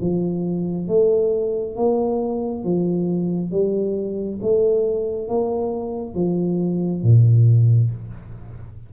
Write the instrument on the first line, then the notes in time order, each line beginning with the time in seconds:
tuba
0.00 F3
0.87 A3
1.76 A#3
2.64 F3
3.51 G3
4.42 A3
5.28 A#3
6.14 F3
7.03 A#2